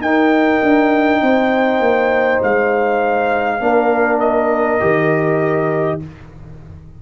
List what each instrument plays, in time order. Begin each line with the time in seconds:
0.00 tuba D#4, trombone D#4, horn A#4, trumpet G5
0.62 tuba D4
1.22 tuba C4, horn C5
1.79 tuba A#3
2.43 tuba G#3, trumpet F5
3.60 tuba A#3, trombone D4, horn A#4
4.20 trumpet D#5
4.79 tuba D#3, trombone G4